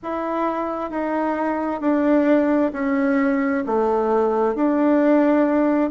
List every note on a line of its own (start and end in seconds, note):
0.02 0.90 E4
0.90 1.80 D#4
1.80 2.71 D4
2.73 3.64 C#4
3.66 4.55 A3
4.55 5.90 D4